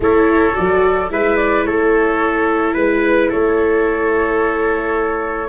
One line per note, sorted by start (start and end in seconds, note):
0.00 0.53 A3
0.00 0.53 E4
0.00 1.12 A4
0.00 0.55 C#5
0.53 1.10 F#3
0.53 1.08 F#4
0.53 1.10 D5
1.09 1.65 G#3
1.09 5.48 E4
1.09 1.66 B4
1.09 1.36 E5
1.36 1.64 D5
1.64 2.75 A3
1.64 2.74 A4
1.64 2.74 C#5
2.74 3.30 G#3
2.74 3.29 B4
2.74 3.31 B4
3.29 5.48 A3
3.29 5.48 A4
3.29 5.48 C#5